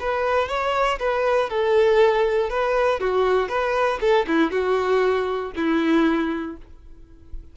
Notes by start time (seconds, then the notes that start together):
0.00 B4
0.49 C#5
0.99 B4
1.49 A4
2.50 B4
3.00 F#4
3.49 B4
4.01 A4
4.27 E4
4.51 F#4
5.56 E4